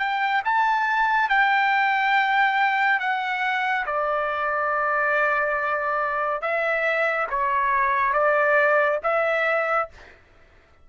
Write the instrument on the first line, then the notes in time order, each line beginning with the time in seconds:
trumpet
0.00 G5
0.45 A5
1.29 G5
3.00 F#5
3.86 D5
6.42 E5
7.31 C#5
8.14 D5
9.04 E5